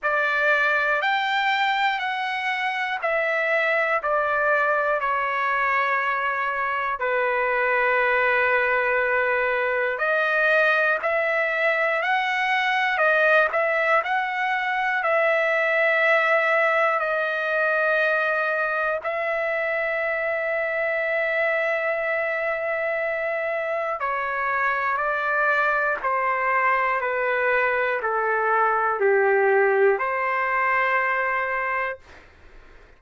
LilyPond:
\new Staff \with { instrumentName = "trumpet" } { \time 4/4 \tempo 4 = 60 d''4 g''4 fis''4 e''4 | d''4 cis''2 b'4~ | b'2 dis''4 e''4 | fis''4 dis''8 e''8 fis''4 e''4~ |
e''4 dis''2 e''4~ | e''1 | cis''4 d''4 c''4 b'4 | a'4 g'4 c''2 | }